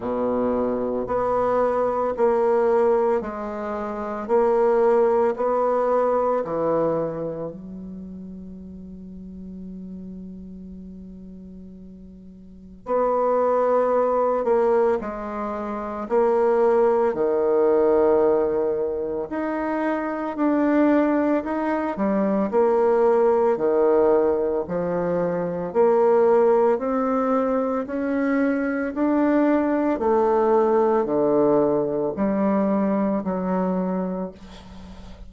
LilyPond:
\new Staff \with { instrumentName = "bassoon" } { \time 4/4 \tempo 4 = 56 b,4 b4 ais4 gis4 | ais4 b4 e4 fis4~ | fis1 | b4. ais8 gis4 ais4 |
dis2 dis'4 d'4 | dis'8 g8 ais4 dis4 f4 | ais4 c'4 cis'4 d'4 | a4 d4 g4 fis4 | }